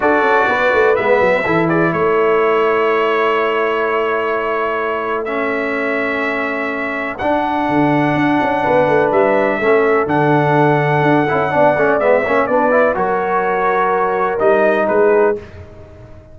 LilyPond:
<<
  \new Staff \with { instrumentName = "trumpet" } { \time 4/4 \tempo 4 = 125 d''2 e''4. d''8 | cis''1~ | cis''2. e''4~ | e''2. fis''4~ |
fis''2. e''4~ | e''4 fis''2.~ | fis''4 e''4 d''4 cis''4~ | cis''2 dis''4 b'4 | }
  \new Staff \with { instrumentName = "horn" } { \time 4/4 a'4 b'2 a'8 gis'8 | a'1~ | a'1~ | a'1~ |
a'2 b'2 | a'1 | d''4. cis''8 b'4 ais'4~ | ais'2. gis'4 | }
  \new Staff \with { instrumentName = "trombone" } { \time 4/4 fis'2 b4 e'4~ | e'1~ | e'2. cis'4~ | cis'2. d'4~ |
d'1 | cis'4 d'2~ d'8 e'8 | d'8 cis'8 b8 cis'8 d'8 e'8 fis'4~ | fis'2 dis'2 | }
  \new Staff \with { instrumentName = "tuba" } { \time 4/4 d'8 cis'8 b8 a8 gis8 fis8 e4 | a1~ | a1~ | a2. d'4 |
d4 d'8 cis'8 b8 a8 g4 | a4 d2 d'8 cis'8 | b8 a8 gis8 ais8 b4 fis4~ | fis2 g4 gis4 | }
>>